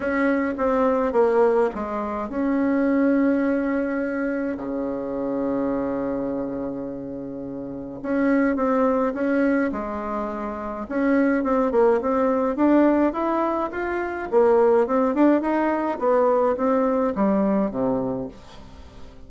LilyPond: \new Staff \with { instrumentName = "bassoon" } { \time 4/4 \tempo 4 = 105 cis'4 c'4 ais4 gis4 | cis'1 | cis1~ | cis2 cis'4 c'4 |
cis'4 gis2 cis'4 | c'8 ais8 c'4 d'4 e'4 | f'4 ais4 c'8 d'8 dis'4 | b4 c'4 g4 c4 | }